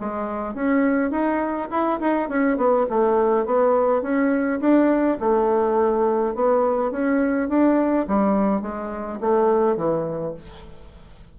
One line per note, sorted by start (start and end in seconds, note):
0.00 0.55 G#3
0.55 1.11 C#4
1.11 1.68 D#4
1.71 2.00 E4
2.00 2.29 D#4
2.29 2.57 C#4
2.57 2.86 B3
2.90 3.46 A3
3.46 4.02 B3
4.02 4.60 C#4
4.60 5.18 D4
5.20 6.35 A3
6.35 6.91 B3
6.91 7.49 C#4
7.49 8.06 D4
8.08 8.62 G3
8.62 9.19 G#3
9.20 9.77 A3
9.77 10.34 E3